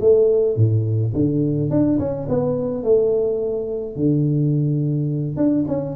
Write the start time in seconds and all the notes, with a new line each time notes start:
0.00 A3
0.56 A2
1.13 D3
1.70 D4
1.99 C#4
2.28 B3
2.83 A3
3.96 D3
5.36 D4
5.68 C#4